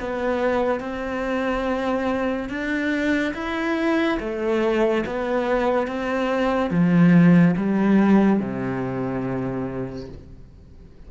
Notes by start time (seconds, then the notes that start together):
0.00 B3
0.80 C4
2.49 D4
3.34 E4
4.20 A3
5.06 B3
5.87 C4
6.70 F3
7.57 G3
8.39 C3